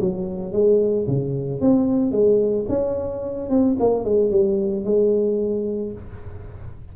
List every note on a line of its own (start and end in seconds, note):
0.00 0.52 F#3
0.52 1.06 G#3
1.07 1.60 C#3
1.60 2.11 C4
2.11 2.65 G#3
2.68 3.49 C#4
3.49 3.76 C4
3.79 4.04 A#3
4.04 4.31 G#3
4.31 4.84 G3
4.84 5.92 G#3